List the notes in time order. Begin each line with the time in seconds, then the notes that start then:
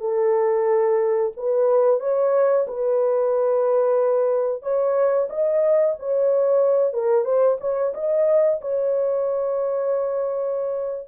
0.00 A4
1.37 B4
2.00 C#5
2.67 B4
4.62 C#5
5.29 D#5
5.99 C#5
6.93 A#4
7.24 C5
7.60 C#5
7.94 D#5
8.61 C#5